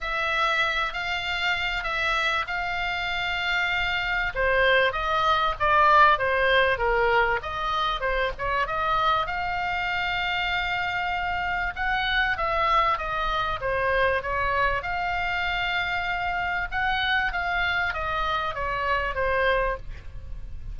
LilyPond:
\new Staff \with { instrumentName = "oboe" } { \time 4/4 \tempo 4 = 97 e''4. f''4. e''4 | f''2. c''4 | dis''4 d''4 c''4 ais'4 | dis''4 c''8 cis''8 dis''4 f''4~ |
f''2. fis''4 | e''4 dis''4 c''4 cis''4 | f''2. fis''4 | f''4 dis''4 cis''4 c''4 | }